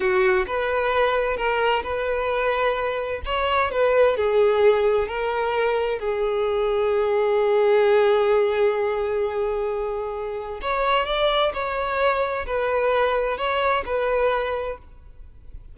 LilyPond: \new Staff \with { instrumentName = "violin" } { \time 4/4 \tempo 4 = 130 fis'4 b'2 ais'4 | b'2. cis''4 | b'4 gis'2 ais'4~ | ais'4 gis'2.~ |
gis'1~ | gis'2. cis''4 | d''4 cis''2 b'4~ | b'4 cis''4 b'2 | }